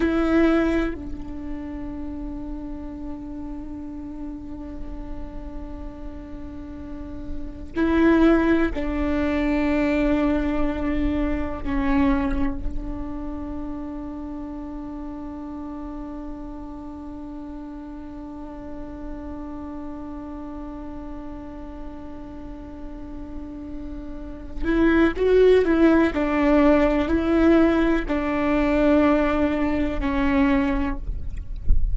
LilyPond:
\new Staff \with { instrumentName = "viola" } { \time 4/4 \tempo 4 = 62 e'4 d'2.~ | d'1 | e'4 d'2. | cis'4 d'2.~ |
d'1~ | d'1~ | d'4. e'8 fis'8 e'8 d'4 | e'4 d'2 cis'4 | }